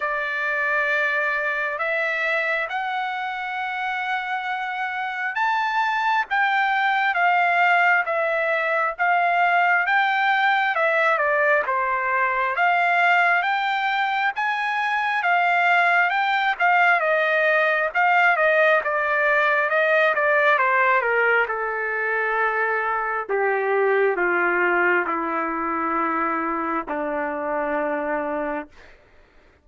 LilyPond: \new Staff \with { instrumentName = "trumpet" } { \time 4/4 \tempo 4 = 67 d''2 e''4 fis''4~ | fis''2 a''4 g''4 | f''4 e''4 f''4 g''4 | e''8 d''8 c''4 f''4 g''4 |
gis''4 f''4 g''8 f''8 dis''4 | f''8 dis''8 d''4 dis''8 d''8 c''8 ais'8 | a'2 g'4 f'4 | e'2 d'2 | }